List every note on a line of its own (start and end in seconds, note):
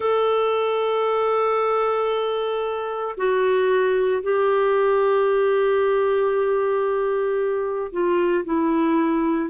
0.00 3.15 A4
3.17 4.22 F#4
4.22 7.91 G4
7.91 8.44 F4
8.44 9.50 E4